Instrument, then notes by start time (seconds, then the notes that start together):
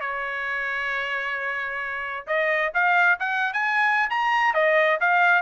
trumpet
0.00 C#5
2.27 D#5
2.74 F5
3.19 F#5
3.53 G#5
4.09 A#5
4.54 D#5
5.00 F5